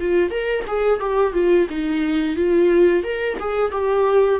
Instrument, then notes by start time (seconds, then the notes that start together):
viola
0.00 F4
0.30 A#4
0.68 G#4
1.00 G4
1.34 F4
1.70 D#4
2.36 F4
3.04 A#4
3.40 G#4
3.72 G4